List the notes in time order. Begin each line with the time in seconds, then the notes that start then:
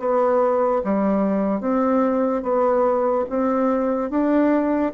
0.00 B3
0.85 G3
1.61 C4
2.43 B3
3.30 C4
4.11 D4